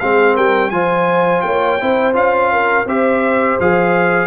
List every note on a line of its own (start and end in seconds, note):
0.00 0.38 G#3
0.00 0.73 C4
0.00 0.35 G#4
0.00 0.36 F5
0.35 0.71 G3
0.35 0.70 A#4
0.35 0.71 G5
0.71 1.43 F3
0.71 1.80 F4
0.71 1.45 C5
0.71 1.42 G#5
1.42 1.80 A#3
1.42 1.81 C#5
1.42 2.13 G5
1.81 2.14 C4
1.81 2.14 E4
1.81 2.53 C5
2.14 2.86 C#4
2.14 2.85 F4
2.14 2.88 F5
2.53 2.87 A#4
2.86 3.57 C4
2.86 3.60 G4
2.86 4.28 C5
2.86 3.60 E5
3.60 4.28 F3
3.60 4.28 G#4
3.60 4.28 F5